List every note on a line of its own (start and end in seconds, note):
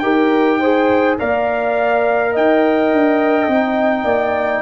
0.00 1.18 D#4
0.00 0.61 G4
0.00 0.60 A#4
0.00 1.15 G5
0.60 1.19 G#4
0.60 1.18 C5
1.19 2.37 A#3
1.19 3.50 A#4
1.19 2.33 D5
1.19 2.35 F5
2.33 2.93 D#4
2.33 4.05 D#5
2.33 4.63 G5
2.93 3.48 D4
3.48 4.05 C4
3.48 4.63 D#4
4.05 4.62 A#3
4.05 4.63 D5